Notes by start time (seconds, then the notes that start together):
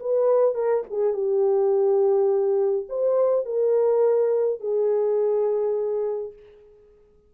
0.00 B4
0.55 A#4
0.90 G#4
1.14 G4
2.89 C5
3.46 A#4
4.60 G#4